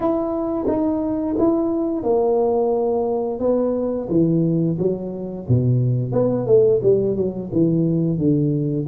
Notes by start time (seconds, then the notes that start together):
0.00 E4
0.67 D#4
1.38 E4
2.03 A#3
3.39 B3
4.09 E3
4.78 F#3
5.48 B2
6.12 B3
6.46 A3
6.82 G3
7.16 F#3
7.52 E3
8.18 D3